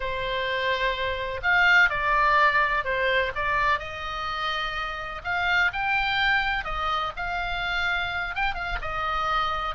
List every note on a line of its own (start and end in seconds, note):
0.00 1.40 C5
1.42 1.89 F5
1.89 2.84 D5
2.84 3.32 C5
3.35 3.79 D5
3.79 5.21 D#5
5.24 5.71 F5
5.73 6.64 G5
6.64 7.12 D#5
7.16 8.35 F5
8.35 8.54 G5
8.54 8.78 F5
8.81 9.75 D#5